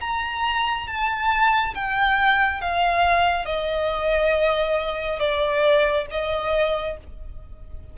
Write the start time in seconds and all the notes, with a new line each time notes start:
0.00 A#5
0.87 A5
1.74 G5
2.61 F5
3.45 D#5
5.19 D5
6.10 D#5